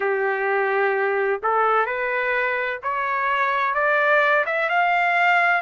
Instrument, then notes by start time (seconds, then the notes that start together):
trumpet
0.00 G4
1.42 A4
1.85 B4
2.82 C#5
3.74 D5
4.46 E5
4.69 F5